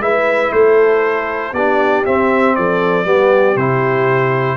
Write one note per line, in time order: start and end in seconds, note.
0.00 0.51 G#3
0.00 1.54 E4
0.00 0.52 B4
0.00 0.53 E5
0.52 1.53 A3
0.52 1.54 A4
0.52 1.54 C5
1.53 2.04 B3
1.53 2.06 D4
1.53 2.55 G4
1.53 2.05 D5
2.06 3.05 C4
2.06 2.58 C4
2.06 2.56 E5
2.56 3.06 F3
2.56 3.06 A4
2.56 3.57 D5
3.05 3.56 G3
3.05 3.56 B3
3.05 4.57 G4
3.56 4.57 C3
3.56 4.57 E4
3.56 4.57 C5